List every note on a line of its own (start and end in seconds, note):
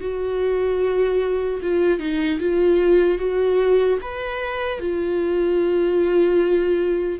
0.00 1.60 F#4
1.62 1.99 F4
1.99 2.39 D#4
2.39 3.18 F4
3.18 3.98 F#4
4.01 4.79 B4
4.79 7.19 F4